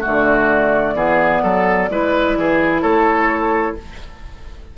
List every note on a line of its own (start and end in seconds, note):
0.00 0.95 A3
0.00 0.94 F#4
0.00 2.81 D5
0.06 0.95 D3
0.95 1.42 E3
0.95 1.89 B3
0.95 1.43 G#4
1.43 1.89 F#3
1.43 1.89 A4
1.89 2.36 G#3
1.89 3.78 E4
1.89 2.38 B4
2.37 2.83 E3
2.37 2.82 G#4
2.81 3.77 A3
2.81 3.75 A4
2.81 3.75 C#5